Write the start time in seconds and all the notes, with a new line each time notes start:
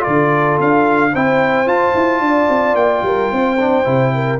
0.00 F4 A4 D5
0.07 D3
0.59 D4 F5
1.12 C4 E4 C5 G5
1.66 F4 A5
1.94 E4
2.20 D4 D5
2.49 C4
2.74 A#3 G5
3.02 G3 A#4
3.32 C4 C5
3.59 D4
3.84 C3 E4
4.15 A#4